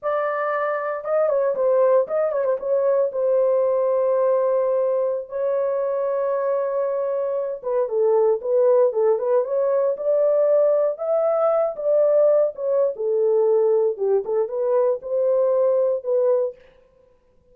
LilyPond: \new Staff \with { instrumentName = "horn" } { \time 4/4 \tempo 4 = 116 d''2 dis''8 cis''8 c''4 | dis''8 cis''16 c''16 cis''4 c''2~ | c''2~ c''16 cis''4.~ cis''16~ | cis''2~ cis''8. b'8 a'8.~ |
a'16 b'4 a'8 b'8 cis''4 d''8.~ | d''4~ d''16 e''4. d''4~ d''16~ | d''16 cis''8. a'2 g'8 a'8 | b'4 c''2 b'4 | }